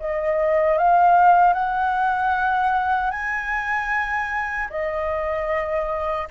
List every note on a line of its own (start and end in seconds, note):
0.00 0.78 D#5
0.78 1.54 F5
1.54 3.11 F#5
3.11 4.69 G#5
4.70 6.28 D#5